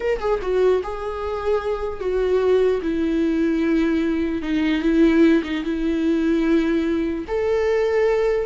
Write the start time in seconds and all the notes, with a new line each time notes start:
0.00 A#4
0.19 G#4
0.41 F#4
0.83 G#4
2.00 F#4
2.82 E4
4.42 D#4
4.82 E4
5.43 D#4
5.64 E4
7.27 A4